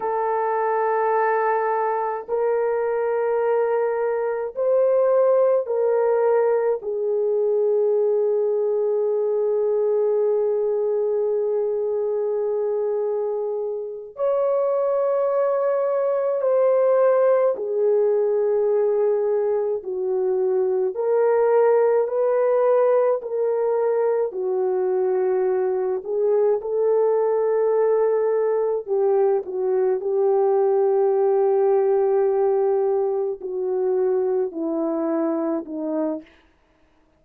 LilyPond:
\new Staff \with { instrumentName = "horn" } { \time 4/4 \tempo 4 = 53 a'2 ais'2 | c''4 ais'4 gis'2~ | gis'1~ | gis'8 cis''2 c''4 gis'8~ |
gis'4. fis'4 ais'4 b'8~ | b'8 ais'4 fis'4. gis'8 a'8~ | a'4. g'8 fis'8 g'4.~ | g'4. fis'4 e'4 dis'8 | }